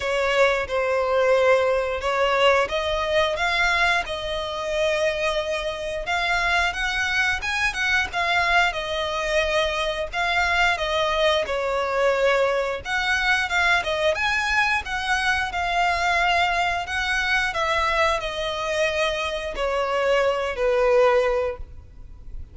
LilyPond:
\new Staff \with { instrumentName = "violin" } { \time 4/4 \tempo 4 = 89 cis''4 c''2 cis''4 | dis''4 f''4 dis''2~ | dis''4 f''4 fis''4 gis''8 fis''8 | f''4 dis''2 f''4 |
dis''4 cis''2 fis''4 | f''8 dis''8 gis''4 fis''4 f''4~ | f''4 fis''4 e''4 dis''4~ | dis''4 cis''4. b'4. | }